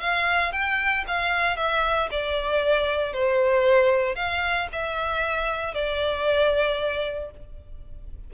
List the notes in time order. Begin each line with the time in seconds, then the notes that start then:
0.00 F5
0.52 G5
1.07 F5
1.57 E5
2.11 D5
3.13 C5
4.15 F5
4.72 E5
5.74 D5